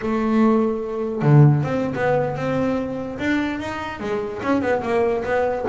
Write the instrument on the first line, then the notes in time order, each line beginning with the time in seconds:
double bass
0.01 A3
1.22 D3
1.63 C4
1.95 B3
2.36 C4
3.18 D4
3.60 D#4
4.00 G#3
4.42 C#4
4.61 B3
4.82 A#3
5.24 B3